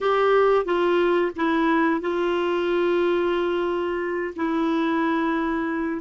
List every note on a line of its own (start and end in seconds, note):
0.01 0.65 G4
0.65 1.32 F4
1.35 2.00 E4
2.00 4.34 F4
4.36 6.01 E4